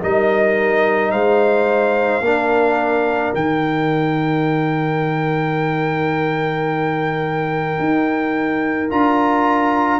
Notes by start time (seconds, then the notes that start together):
0.00 G3 D#4 A#4 D#5
1.11 G#3 C5 F5
2.21 A#3 D4 A#4
3.34 D#3 D#4 G5
7.79 D#4
8.90 D4 F4 A#5